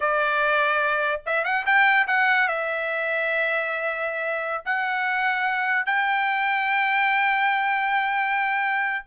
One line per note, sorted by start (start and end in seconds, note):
0.00 1.21 D5
1.25 1.44 E5
1.44 1.65 F#5
1.66 2.07 G5
2.07 2.48 F#5
2.48 4.63 E5
4.65 5.86 F#5
5.86 9.04 G5